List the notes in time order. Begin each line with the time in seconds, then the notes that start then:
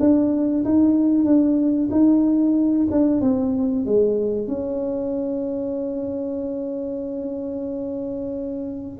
0.00 D4
0.65 D#4
1.25 D4
1.91 D#4
2.91 D4
3.21 C4
3.86 G#3
4.48 C#4